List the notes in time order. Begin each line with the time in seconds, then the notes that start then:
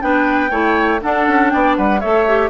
0.00 B3 D4 B4 G5
0.50 A3 E4 C#5
1.01 D4 A4 F#5
1.28 C#4
1.49 B3 D5 G5
1.76 G3 B4 F#5
2.00 A3 A4 C#5 E5
2.27 G4